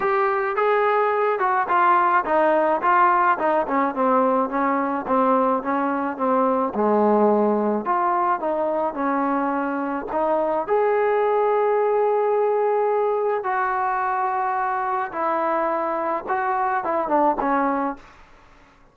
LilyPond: \new Staff \with { instrumentName = "trombone" } { \time 4/4 \tempo 4 = 107 g'4 gis'4. fis'8 f'4 | dis'4 f'4 dis'8 cis'8 c'4 | cis'4 c'4 cis'4 c'4 | gis2 f'4 dis'4 |
cis'2 dis'4 gis'4~ | gis'1 | fis'2. e'4~ | e'4 fis'4 e'8 d'8 cis'4 | }